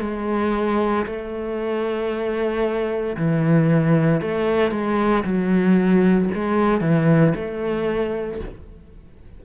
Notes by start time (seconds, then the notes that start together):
0.00 G#3
1.06 A3
3.16 E3
4.21 A3
4.71 G#3
5.24 F#3
6.34 G#3
6.81 E3
7.35 A3